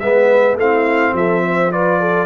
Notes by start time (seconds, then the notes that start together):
0.00 G#3 B3 B4 E5
0.57 A3 C4 E4 F5
1.14 F3 A4 E5
1.45 C5
1.72 F4 B4 D5
2.01 A4